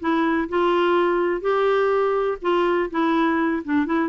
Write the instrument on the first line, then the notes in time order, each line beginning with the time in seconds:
clarinet
0.00 E4
0.49 F4
1.41 G4
2.41 F4
2.90 E4
3.64 D4
3.86 E4